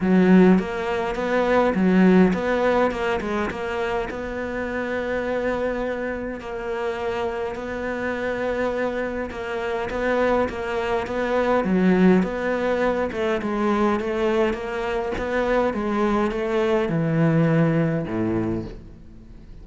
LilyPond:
\new Staff \with { instrumentName = "cello" } { \time 4/4 \tempo 4 = 103 fis4 ais4 b4 fis4 | b4 ais8 gis8 ais4 b4~ | b2. ais4~ | ais4 b2. |
ais4 b4 ais4 b4 | fis4 b4. a8 gis4 | a4 ais4 b4 gis4 | a4 e2 a,4 | }